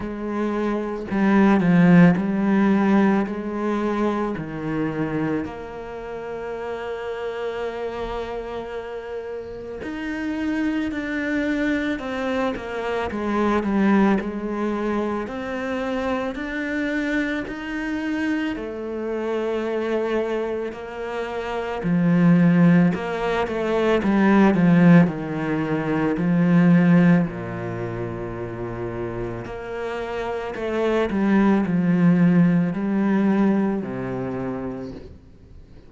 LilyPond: \new Staff \with { instrumentName = "cello" } { \time 4/4 \tempo 4 = 55 gis4 g8 f8 g4 gis4 | dis4 ais2.~ | ais4 dis'4 d'4 c'8 ais8 | gis8 g8 gis4 c'4 d'4 |
dis'4 a2 ais4 | f4 ais8 a8 g8 f8 dis4 | f4 ais,2 ais4 | a8 g8 f4 g4 c4 | }